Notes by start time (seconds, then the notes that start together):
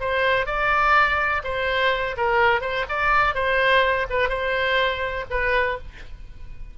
0.00 C5
0.46 D5
1.44 C5
2.17 A#4
2.61 C5
2.89 D5
3.34 C5
4.10 B4
4.29 C5
5.30 B4